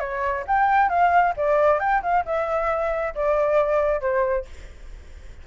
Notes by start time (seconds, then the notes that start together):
0.00 C#5
0.47 G5
0.89 F5
1.37 D5
1.80 G5
2.03 F5
2.25 E5
3.15 D5
4.01 C5